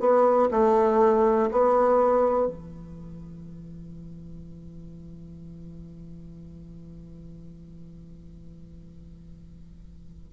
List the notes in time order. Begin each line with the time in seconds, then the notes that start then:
0.00 B3
0.51 A3
1.52 B3
2.48 E3